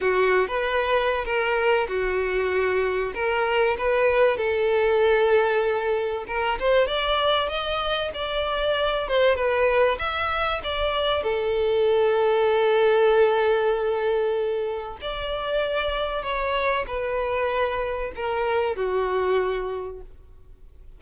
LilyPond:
\new Staff \with { instrumentName = "violin" } { \time 4/4 \tempo 4 = 96 fis'8. b'4~ b'16 ais'4 fis'4~ | fis'4 ais'4 b'4 a'4~ | a'2 ais'8 c''8 d''4 | dis''4 d''4. c''8 b'4 |
e''4 d''4 a'2~ | a'1 | d''2 cis''4 b'4~ | b'4 ais'4 fis'2 | }